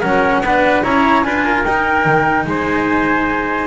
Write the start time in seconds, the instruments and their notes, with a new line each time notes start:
0.00 double bass F#3, cello C#4, trumpet A#4, flute F#5
0.40 double bass B3, cello D4, trumpet B4
0.83 double bass C#4, cello E4, trumpet C#5, flute A#5
1.22 double bass D4, cello F4, trumpet B4, flute G#5
1.45 trumpet A#4
1.64 double bass D#4, cello D#4, flute G5
2.05 double bass D#3
2.46 double bass G#3, trumpet C5, flute G#5